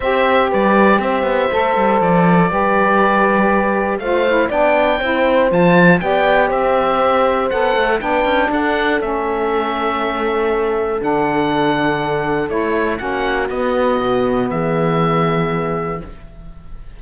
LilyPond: <<
  \new Staff \with { instrumentName = "oboe" } { \time 4/4 \tempo 4 = 120 e''4 d''4 e''2 | d''1 | f''4 g''2 a''4 | g''4 e''2 fis''4 |
g''4 fis''4 e''2~ | e''2 fis''2~ | fis''4 cis''4 fis''4 dis''4~ | dis''4 e''2. | }
  \new Staff \with { instrumentName = "horn" } { \time 4/4 c''4 b'4 c''2~ | c''4 b'2. | c''4 d''4 c''2 | d''4 c''2. |
b'4 a'2.~ | a'1~ | a'2 fis'2~ | fis'4 gis'2. | }
  \new Staff \with { instrumentName = "saxophone" } { \time 4/4 g'2. a'4~ | a'4 g'2. | f'8 e'8 d'4 e'4 f'4 | g'2. a'4 |
d'2 cis'2~ | cis'2 d'2~ | d'4 e'4 cis'4 b4~ | b1 | }
  \new Staff \with { instrumentName = "cello" } { \time 4/4 c'4 g4 c'8 b8 a8 g8 | f4 g2. | a4 b4 c'4 f4 | b4 c'2 b8 a8 |
b8 cis'8 d'4 a2~ | a2 d2~ | d4 a4 ais4 b4 | b,4 e2. | }
>>